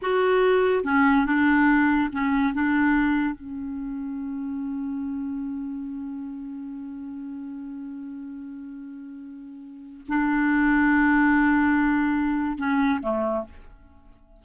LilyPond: \new Staff \with { instrumentName = "clarinet" } { \time 4/4 \tempo 4 = 143 fis'2 cis'4 d'4~ | d'4 cis'4 d'2 | cis'1~ | cis'1~ |
cis'1~ | cis'1 | d'1~ | d'2 cis'4 a4 | }